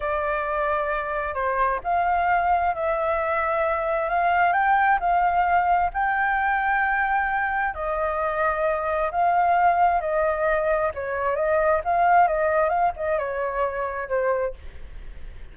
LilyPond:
\new Staff \with { instrumentName = "flute" } { \time 4/4 \tempo 4 = 132 d''2. c''4 | f''2 e''2~ | e''4 f''4 g''4 f''4~ | f''4 g''2.~ |
g''4 dis''2. | f''2 dis''2 | cis''4 dis''4 f''4 dis''4 | f''8 dis''8 cis''2 c''4 | }